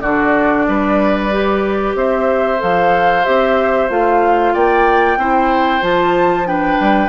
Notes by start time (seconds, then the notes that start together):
0.00 D3 D4 F#4 D5
0.67 G3 B4
1.31 G4
1.95 C4 C5 E5
2.57 F3 A4 F5
3.24 C4 G4 E5
3.88 A3 F4 F5
4.53 A#3 D5 G5
5.16 C4 E4 C5
5.81 F3 F4 A5
6.45 D4 B4 G5
6.79 G3